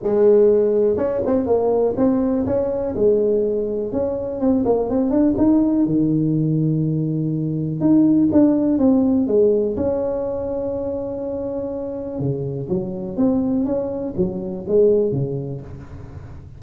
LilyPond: \new Staff \with { instrumentName = "tuba" } { \time 4/4 \tempo 4 = 123 gis2 cis'8 c'8 ais4 | c'4 cis'4 gis2 | cis'4 c'8 ais8 c'8 d'8 dis'4 | dis1 |
dis'4 d'4 c'4 gis4 | cis'1~ | cis'4 cis4 fis4 c'4 | cis'4 fis4 gis4 cis4 | }